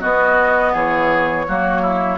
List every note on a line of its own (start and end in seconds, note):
0.00 1.46 B3
0.00 0.74 B3
0.00 0.72 F#4
0.00 0.74 D#5
0.72 1.47 E3
0.72 1.45 G#4
0.72 2.18 C#5
1.48 2.18 F#3
1.48 2.18 A#3
1.48 1.82 F#4
1.82 2.18 E4